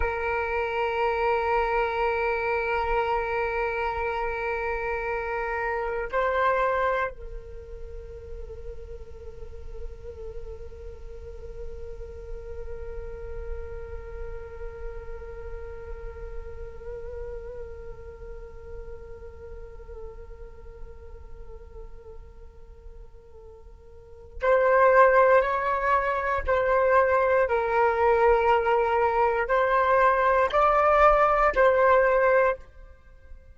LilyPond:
\new Staff \with { instrumentName = "flute" } { \time 4/4 \tempo 4 = 59 ais'1~ | ais'2 c''4 ais'4~ | ais'1~ | ais'1~ |
ais'1~ | ais'1 | c''4 cis''4 c''4 ais'4~ | ais'4 c''4 d''4 c''4 | }